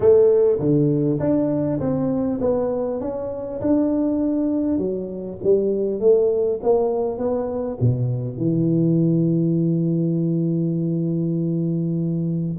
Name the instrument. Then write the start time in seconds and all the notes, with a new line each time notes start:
tuba
0.00 A3
0.59 D3
1.19 D4
1.80 C4
2.40 B3
3.00 C#4
3.60 D4
4.78 F#3
5.43 G3
6.00 A3
6.62 A#3
7.18 B3
7.80 B2
8.37 E3